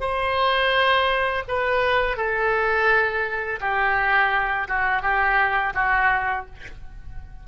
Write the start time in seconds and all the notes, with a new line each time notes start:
0.00 C5
1.48 B4
2.16 A4
3.60 G4
4.68 F#4
5.02 G4
5.74 F#4